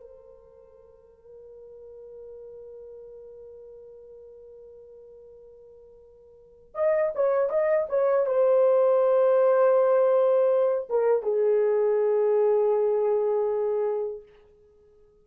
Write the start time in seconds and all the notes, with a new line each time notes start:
0.00 A#4
6.74 D#5
7.15 C#5
7.49 D#5
7.89 C#5
8.26 C5
10.89 A#4
11.22 G#4